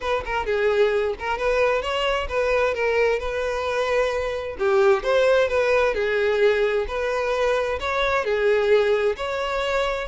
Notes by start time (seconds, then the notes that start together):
0.01 B4
0.25 A#4
0.46 G#4
1.19 A#4
1.37 B4
1.82 C#5
2.28 B4
2.74 A#4
3.19 B4
4.59 G4
5.03 C5
5.48 B4
5.94 G#4
6.87 B4
7.80 C#5
8.24 G#4
9.16 C#5